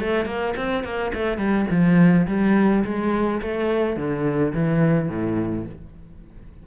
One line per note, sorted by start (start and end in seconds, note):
0.00 0.26 A3
0.26 0.54 A#3
0.57 0.84 C4
0.84 1.12 A#3
1.14 1.37 A3
1.37 1.66 G3
1.70 2.27 F3
2.27 2.84 G3
2.85 3.41 G#3
3.42 3.96 A3
3.96 4.53 D3
4.54 5.09 E3
5.09 5.66 A2